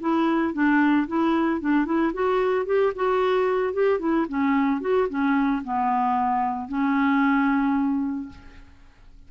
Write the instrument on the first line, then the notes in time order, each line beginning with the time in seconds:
clarinet
0.00 E4
0.53 D4
1.07 E4
1.60 D4
1.85 E4
2.13 F#4
2.66 G4
2.95 F#4
3.73 G4
3.99 E4
4.28 C#4
4.81 F#4
5.09 C#4
5.64 B3
6.68 C#4